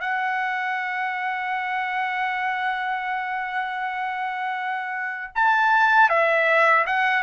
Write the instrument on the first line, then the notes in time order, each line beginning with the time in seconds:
trumpet
0.00 F#5
5.35 A5
6.09 E5
6.86 F#5